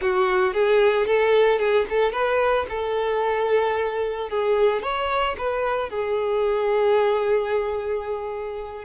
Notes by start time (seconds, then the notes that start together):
0.01 F#4
0.53 G#4
1.06 A4
1.58 G#4
1.89 A4
2.12 B4
2.69 A4
4.29 G#4
4.82 C#5
5.37 B4
5.89 G#4